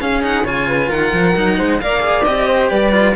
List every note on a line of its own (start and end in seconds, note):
0.00 0.22 C#4
0.00 0.44 C#4
0.00 0.44 G#4
0.00 0.23 F5
0.22 0.44 D#4
0.22 0.46 F#5
0.44 0.89 C#3
0.44 1.35 F4
0.44 0.67 C#5
0.44 0.91 G#5
0.67 0.89 B4
0.89 1.13 D#3
0.89 1.56 A#4
0.89 1.80 F#5
1.13 1.36 F3
1.35 1.59 F#3
1.35 1.80 D#4
1.58 1.81 G#3
1.58 1.80 C5
1.80 2.26 A#3
1.80 1.99 A#4
1.80 2.47 D5
1.80 2.24 F5
1.99 2.22 G#4
2.24 2.71 C4
2.24 2.92 G4
2.24 2.69 D#5
2.47 2.70 C5
2.69 3.16 G3
2.69 3.15 B4
2.69 3.15 D5
2.92 3.15 F4